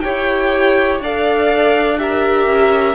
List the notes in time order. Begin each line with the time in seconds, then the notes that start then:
0.00 E4 G4 C#5 G5
1.00 D4 A4 D5 F5
1.97 G4 A#4 E5
2.47 C#4